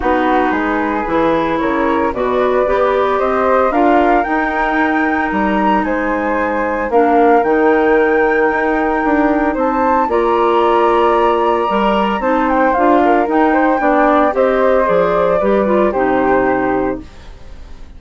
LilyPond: <<
  \new Staff \with { instrumentName = "flute" } { \time 4/4 \tempo 4 = 113 b'2. cis''4 | d''2 dis''4 f''4 | g''2 ais''4 gis''4~ | gis''4 f''4 g''2~ |
g''2 a''4 ais''4~ | ais''2. a''8 g''8 | f''4 g''2 dis''4 | d''2 c''2 | }
  \new Staff \with { instrumentName = "flute" } { \time 4/4 fis'4 gis'2 ais'4 | b'2 c''4 ais'4~ | ais'2. c''4~ | c''4 ais'2.~ |
ais'2 c''4 d''4~ | d''2. c''4~ | c''8 ais'4 c''8 d''4 c''4~ | c''4 b'4 g'2 | }
  \new Staff \with { instrumentName = "clarinet" } { \time 4/4 dis'2 e'2 | fis'4 g'2 f'4 | dis'1~ | dis'4 d'4 dis'2~ |
dis'2. f'4~ | f'2 ais'4 dis'4 | f'4 dis'4 d'4 g'4 | gis'4 g'8 f'8 dis'2 | }
  \new Staff \with { instrumentName = "bassoon" } { \time 4/4 b4 gis4 e4 cis4 | b,4 b4 c'4 d'4 | dis'2 g4 gis4~ | gis4 ais4 dis2 |
dis'4 d'4 c'4 ais4~ | ais2 g4 c'4 | d'4 dis'4 b4 c'4 | f4 g4 c2 | }
>>